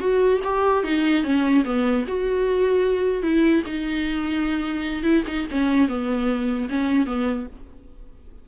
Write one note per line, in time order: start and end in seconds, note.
0.00 0.40 F#4
0.44 0.84 G4
0.84 1.24 D#4
1.24 1.64 C#4
1.65 2.05 B3
2.08 3.23 F#4
3.23 3.63 E4
3.66 5.03 D#4
5.03 5.23 E4
5.27 5.47 D#4
5.51 5.88 C#4
5.88 6.69 B3
6.70 7.06 C#4
7.06 7.47 B3